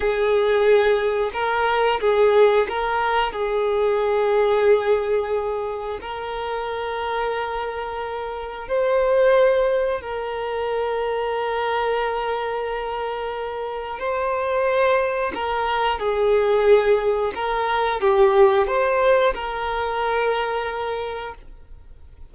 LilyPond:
\new Staff \with { instrumentName = "violin" } { \time 4/4 \tempo 4 = 90 gis'2 ais'4 gis'4 | ais'4 gis'2.~ | gis'4 ais'2.~ | ais'4 c''2 ais'4~ |
ais'1~ | ais'4 c''2 ais'4 | gis'2 ais'4 g'4 | c''4 ais'2. | }